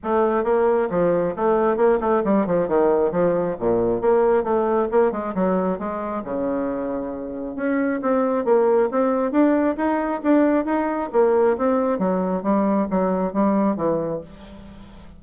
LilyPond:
\new Staff \with { instrumentName = "bassoon" } { \time 4/4 \tempo 4 = 135 a4 ais4 f4 a4 | ais8 a8 g8 f8 dis4 f4 | ais,4 ais4 a4 ais8 gis8 | fis4 gis4 cis2~ |
cis4 cis'4 c'4 ais4 | c'4 d'4 dis'4 d'4 | dis'4 ais4 c'4 fis4 | g4 fis4 g4 e4 | }